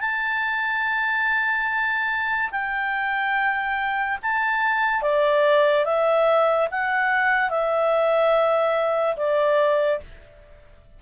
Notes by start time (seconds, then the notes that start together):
0.00 A5
2.51 G5
4.22 A5
5.02 D5
5.85 E5
6.71 F#5
7.50 E5
9.16 D5